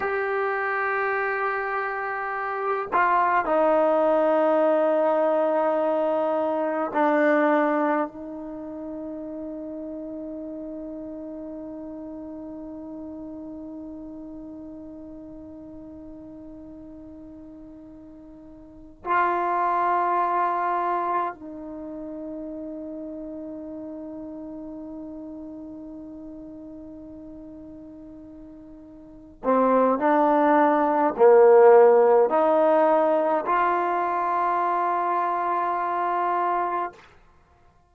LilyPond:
\new Staff \with { instrumentName = "trombone" } { \time 4/4 \tempo 4 = 52 g'2~ g'8 f'8 dis'4~ | dis'2 d'4 dis'4~ | dis'1~ | dis'1~ |
dis'8 f'2 dis'4.~ | dis'1~ | dis'4. c'8 d'4 ais4 | dis'4 f'2. | }